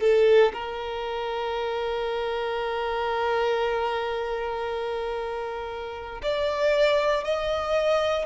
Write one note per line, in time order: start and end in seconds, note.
0.00 0.52 A4
0.53 6.22 A#4
6.22 7.24 D5
7.24 8.26 D#5